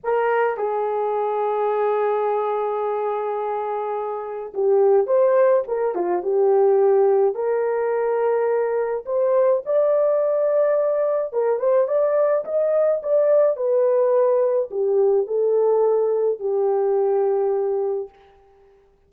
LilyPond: \new Staff \with { instrumentName = "horn" } { \time 4/4 \tempo 4 = 106 ais'4 gis'2.~ | gis'1 | g'4 c''4 ais'8 f'8 g'4~ | g'4 ais'2. |
c''4 d''2. | ais'8 c''8 d''4 dis''4 d''4 | b'2 g'4 a'4~ | a'4 g'2. | }